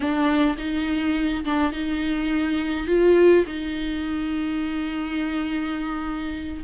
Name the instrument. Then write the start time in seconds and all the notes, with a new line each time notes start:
viola
0.00 D4
0.57 D#4
1.44 D4
1.72 D#4
2.87 F4
3.46 D#4